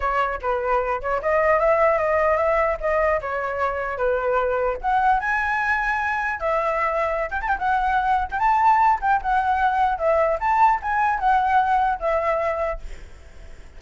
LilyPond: \new Staff \with { instrumentName = "flute" } { \time 4/4 \tempo 4 = 150 cis''4 b'4. cis''8 dis''4 | e''4 dis''4 e''4 dis''4 | cis''2 b'2 | fis''4 gis''2. |
e''2~ e''16 g''16 a''16 g''16 fis''4~ | fis''8. g''16 a''4. g''8 fis''4~ | fis''4 e''4 a''4 gis''4 | fis''2 e''2 | }